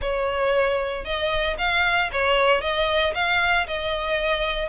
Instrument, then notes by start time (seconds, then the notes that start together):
violin
0.01 C#5
1.04 D#5
1.58 F5
2.12 C#5
2.61 D#5
3.14 F5
3.67 D#5